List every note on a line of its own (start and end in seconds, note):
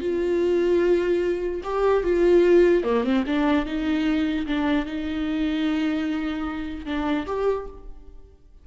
0.00 1.61 F4
1.63 2.03 G4
2.03 2.83 F4
2.83 3.03 A#3
3.03 3.24 C4
3.26 3.65 D4
3.65 4.46 D#4
4.46 4.85 D4
4.85 6.85 D#4
6.85 7.26 D4
7.26 7.66 G4